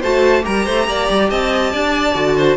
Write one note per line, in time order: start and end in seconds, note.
0.00 0.46 A3
0.00 0.41 F#4
0.00 0.43 C5
0.00 0.45 A5
0.41 0.66 G3
0.41 2.12 G4
0.41 0.65 A#4
0.41 1.30 A#5
0.65 0.87 A3
0.65 0.86 C5
0.87 1.09 A#3
0.87 1.30 D5
1.10 1.31 G3
1.30 1.73 C4
1.30 1.72 D#5
1.30 2.57 A5
1.72 2.15 D4
1.72 2.36 D5
2.14 2.57 D3
2.14 2.57 F#4
2.37 2.57 C5